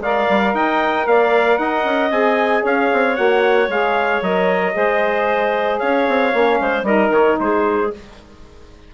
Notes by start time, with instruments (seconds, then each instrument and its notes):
0.00 bassoon G#3, saxophone A#4, clarinet D5, trumpet F5
0.29 bassoon G3
0.53 bassoon D#4, clarinet D#5, trumpet G5
1.06 bassoon A#3, clarinet D5, trumpet F5
1.58 bassoon D#4, clarinet D#5, trumpet F#5
1.84 bassoon C#4
2.10 bassoon C4, saxophone G#4, trumpet G#5
2.62 bassoon C#4, clarinet C#5, trumpet F5
2.93 bassoon C4
3.15 bassoon A#3, saxophone F#4, trumpet F#5
3.68 bassoon G#3, saxophone G#4, trumpet F5
4.22 bassoon F#3, saxophone A#4, trumpet D#5
4.73 bassoon G#3, saxophone G#4, clarinet C5
5.79 bassoon C#4, clarinet C#5, trumpet F5
6.08 bassoon C4
6.32 bassoon A#3, saxophone C#4
6.60 bassoon G#3, clarinet C5
6.83 bassoon G3, saxophone D#4, clarinet A#4, trumpet D#5
7.09 bassoon D#3, trumpet C#5
7.40 bassoon G#3, clarinet G#4, trumpet C5